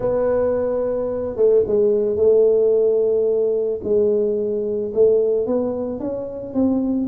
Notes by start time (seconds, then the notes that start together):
0.00 B3
1.36 A3
1.66 G#3
2.16 A3
3.83 G#3
4.93 A3
5.46 B3
5.99 C#4
6.54 C4